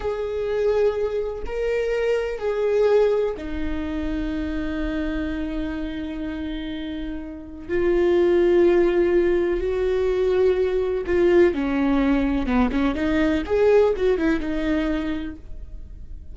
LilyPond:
\new Staff \with { instrumentName = "viola" } { \time 4/4 \tempo 4 = 125 gis'2. ais'4~ | ais'4 gis'2 dis'4~ | dis'1~ | dis'1 |
f'1 | fis'2. f'4 | cis'2 b8 cis'8 dis'4 | gis'4 fis'8 e'8 dis'2 | }